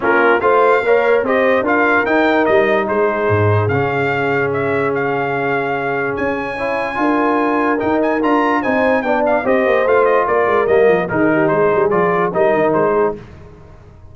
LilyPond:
<<
  \new Staff \with { instrumentName = "trumpet" } { \time 4/4 \tempo 4 = 146 ais'4 f''2 dis''4 | f''4 g''4 dis''4 c''4~ | c''4 f''2 e''4 | f''2. gis''4~ |
gis''2. g''8 gis''8 | ais''4 gis''4 g''8 f''8 dis''4 | f''8 dis''8 d''4 dis''4 ais'4 | c''4 d''4 dis''4 c''4 | }
  \new Staff \with { instrumentName = "horn" } { \time 4/4 f'4 c''4 cis''4 c''4 | ais'2. gis'4~ | gis'1~ | gis'1 |
cis''4 ais'2.~ | ais'4 c''4 d''4 c''4~ | c''4 ais'2 gis'8 g'8 | gis'2 ais'4. gis'8 | }
  \new Staff \with { instrumentName = "trombone" } { \time 4/4 cis'4 f'4 ais'4 g'4 | f'4 dis'2.~ | dis'4 cis'2.~ | cis'1 |
e'4 f'2 dis'4 | f'4 dis'4 d'4 g'4 | f'2 ais4 dis'4~ | dis'4 f'4 dis'2 | }
  \new Staff \with { instrumentName = "tuba" } { \time 4/4 ais4 a4 ais4 c'4 | d'4 dis'4 g4 gis4 | gis,4 cis2.~ | cis2. cis'4~ |
cis'4 d'2 dis'4 | d'4 c'4 b4 c'8 ais8 | a4 ais8 gis8 g8 f8 dis4 | gis8 g8 f4 g8 dis8 gis4 | }
>>